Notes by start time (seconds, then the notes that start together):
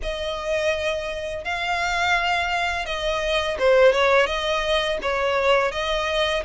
0.02 D#5
1.44 F5
2.85 D#5
3.58 C5
3.92 C#5
4.26 D#5
5.02 C#5
5.71 D#5